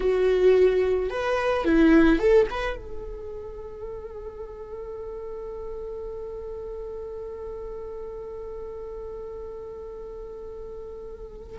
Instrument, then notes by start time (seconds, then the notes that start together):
viola
0.00 F#4
1.09 B4
1.64 E4
2.19 A4
2.50 B4
2.76 A4